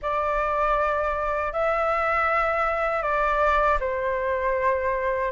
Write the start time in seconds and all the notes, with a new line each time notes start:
0.02 D5
1.52 E5
3.02 D5
3.80 C5